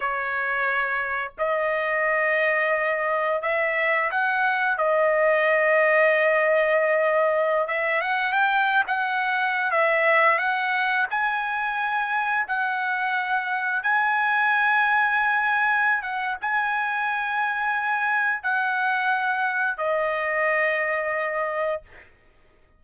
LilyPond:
\new Staff \with { instrumentName = "trumpet" } { \time 4/4 \tempo 4 = 88 cis''2 dis''2~ | dis''4 e''4 fis''4 dis''4~ | dis''2.~ dis''16 e''8 fis''16~ | fis''16 g''8. fis''4~ fis''16 e''4 fis''8.~ |
fis''16 gis''2 fis''4.~ fis''16~ | fis''16 gis''2.~ gis''16 fis''8 | gis''2. fis''4~ | fis''4 dis''2. | }